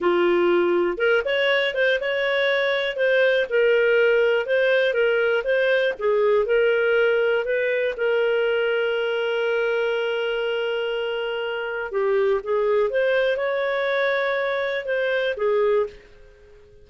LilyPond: \new Staff \with { instrumentName = "clarinet" } { \time 4/4 \tempo 4 = 121 f'2 ais'8 cis''4 c''8 | cis''2 c''4 ais'4~ | ais'4 c''4 ais'4 c''4 | gis'4 ais'2 b'4 |
ais'1~ | ais'1 | g'4 gis'4 c''4 cis''4~ | cis''2 c''4 gis'4 | }